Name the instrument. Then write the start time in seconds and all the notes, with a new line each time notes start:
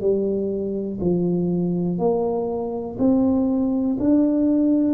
tuba
0.00 G3
1.01 F3
1.99 A#3
2.98 C4
3.99 D4